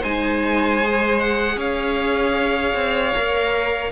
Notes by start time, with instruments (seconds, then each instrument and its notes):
0.00 cello G#3, viola D#4, violin C5 G#5
0.84 viola G#4
1.20 violin F#5
1.57 cello C#4, violin C#5 F5
2.75 cello C4
3.15 cello A#3, viola A#4